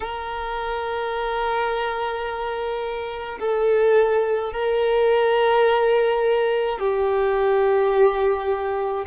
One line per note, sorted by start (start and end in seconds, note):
0.00 3.38 A#4
3.39 4.52 A4
4.52 6.79 A#4
6.79 9.05 G4